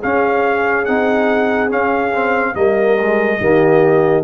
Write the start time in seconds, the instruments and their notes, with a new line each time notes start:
0.00 trombone C#4, tuba C#4, horn G#4, trumpet F5
0.85 tuba C4, trombone D#4, trumpet F#5
1.70 trombone C#4, tuba C#4, trumpet F5
2.14 trombone C4
2.55 tuba G3, trombone A#3, horn A#4, trumpet D#5
3.01 trombone G#3
3.39 tuba D#3, trombone A#3, horn G4